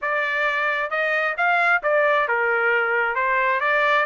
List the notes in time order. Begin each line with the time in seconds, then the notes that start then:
0.01 D5
0.90 D#5
1.37 F5
1.83 D5
2.28 A#4
3.15 C5
3.60 D5